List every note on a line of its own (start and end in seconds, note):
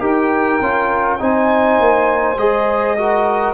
0.00 0.59 D#4
0.00 0.59 G4
0.00 1.18 A#4
0.06 1.22 G5
0.61 1.20 C#4
0.61 1.19 F4
1.19 1.79 C4
1.19 2.37 D#4
1.19 2.97 C5
1.19 2.38 G#5
1.80 2.36 A#3
2.36 3.54 G#3
2.36 2.97 G#4
2.36 3.54 D#5
2.97 3.54 F#4
2.97 3.54 A#4